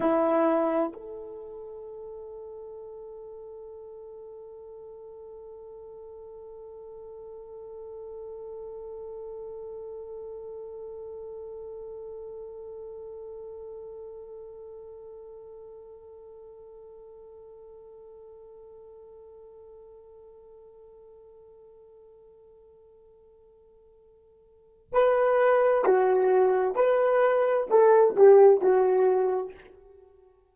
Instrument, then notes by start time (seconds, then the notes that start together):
horn
0.00 E4
0.93 A4
24.92 B4
25.84 F#4
26.75 B4
27.69 A4
28.16 G4
28.61 F#4